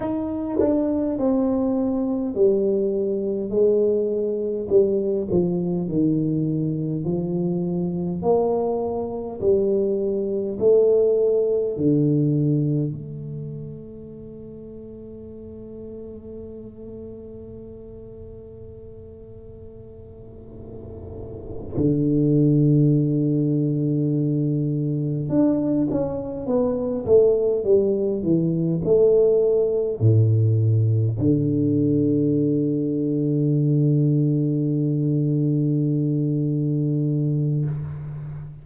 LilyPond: \new Staff \with { instrumentName = "tuba" } { \time 4/4 \tempo 4 = 51 dis'8 d'8 c'4 g4 gis4 | g8 f8 dis4 f4 ais4 | g4 a4 d4 a4~ | a1~ |
a2~ a8 d4.~ | d4. d'8 cis'8 b8 a8 g8 | e8 a4 a,4 d4.~ | d1 | }